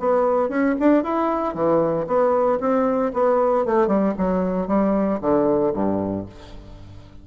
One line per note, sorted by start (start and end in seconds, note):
0.00 0.49 B3
0.49 0.75 C#4
0.80 1.04 D4
1.04 1.55 E4
1.55 2.07 E3
2.07 2.59 B3
2.61 3.13 C4
3.14 3.66 B3
3.66 3.88 A3
3.88 4.14 G3
4.18 4.68 F#3
4.68 5.20 G3
5.21 5.73 D3
5.74 6.26 G2